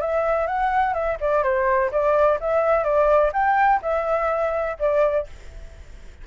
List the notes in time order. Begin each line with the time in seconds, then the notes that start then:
0.00 E5
0.46 F#5
0.93 E5
1.20 D5
1.43 C5
1.91 D5
2.40 E5
2.83 D5
3.32 G5
3.81 E5
4.79 D5